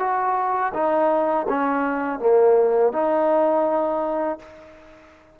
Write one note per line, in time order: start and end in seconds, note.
0.00 0.73 F#4
0.74 1.47 D#4
1.49 2.20 C#4
2.20 2.93 A#3
2.93 4.39 D#4